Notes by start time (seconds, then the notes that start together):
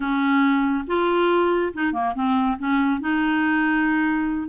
0.00 C#4
0.87 F4
1.73 D#4
1.93 A#3
2.14 C4
2.59 C#4
3.00 D#4